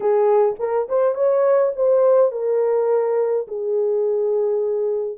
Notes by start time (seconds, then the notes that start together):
0.00 G#4
0.59 A#4
0.88 C5
1.14 C#5
1.76 C5
2.31 A#4
3.47 G#4